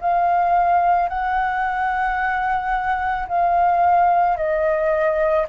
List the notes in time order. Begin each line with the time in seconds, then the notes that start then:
0.00 F5
1.09 F#5
3.28 F5
4.37 D#5